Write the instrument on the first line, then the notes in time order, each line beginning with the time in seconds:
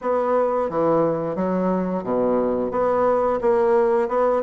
bassoon
0.01 B3
0.69 E3
1.35 F#3
2.03 B2
2.71 B3
3.41 A#3
4.08 B3